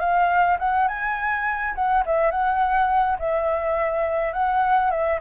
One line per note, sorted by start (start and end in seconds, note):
0.00 0.58 F5
0.59 0.88 F#5
0.88 1.75 G#5
1.75 2.04 F#5
2.06 2.32 E5
2.32 3.18 F#5
3.19 4.33 E5
4.33 4.91 F#5
4.91 5.20 E5